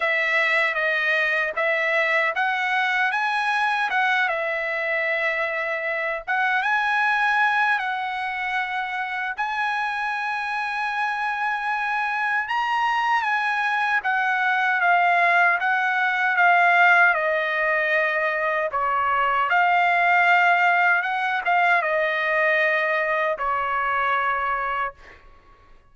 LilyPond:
\new Staff \with { instrumentName = "trumpet" } { \time 4/4 \tempo 4 = 77 e''4 dis''4 e''4 fis''4 | gis''4 fis''8 e''2~ e''8 | fis''8 gis''4. fis''2 | gis''1 |
ais''4 gis''4 fis''4 f''4 | fis''4 f''4 dis''2 | cis''4 f''2 fis''8 f''8 | dis''2 cis''2 | }